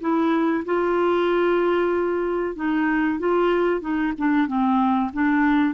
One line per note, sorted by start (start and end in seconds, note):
0.00 0.64 E4
0.65 2.55 F4
2.55 3.19 D#4
3.19 3.80 F4
3.80 4.12 D#4
4.18 4.47 D4
4.47 5.11 C4
5.13 5.74 D4